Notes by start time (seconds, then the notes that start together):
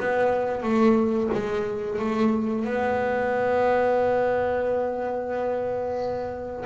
0.00 B3
0.63 A3
1.34 G#3
1.99 A3
2.65 B3